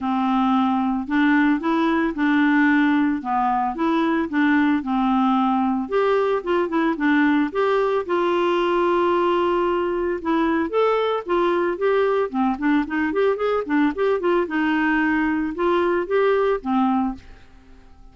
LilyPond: \new Staff \with { instrumentName = "clarinet" } { \time 4/4 \tempo 4 = 112 c'2 d'4 e'4 | d'2 b4 e'4 | d'4 c'2 g'4 | f'8 e'8 d'4 g'4 f'4~ |
f'2. e'4 | a'4 f'4 g'4 c'8 d'8 | dis'8 g'8 gis'8 d'8 g'8 f'8 dis'4~ | dis'4 f'4 g'4 c'4 | }